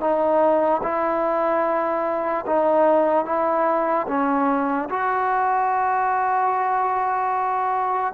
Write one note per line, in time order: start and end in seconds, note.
0.00 0.81 D#4
0.83 2.45 E4
2.46 3.25 D#4
3.25 4.06 E4
4.07 4.88 C#4
4.89 8.13 F#4